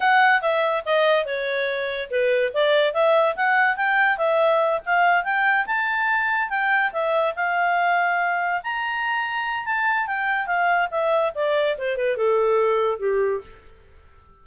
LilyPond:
\new Staff \with { instrumentName = "clarinet" } { \time 4/4 \tempo 4 = 143 fis''4 e''4 dis''4 cis''4~ | cis''4 b'4 d''4 e''4 | fis''4 g''4 e''4. f''8~ | f''8 g''4 a''2 g''8~ |
g''8 e''4 f''2~ f''8~ | f''8 ais''2~ ais''8 a''4 | g''4 f''4 e''4 d''4 | c''8 b'8 a'2 g'4 | }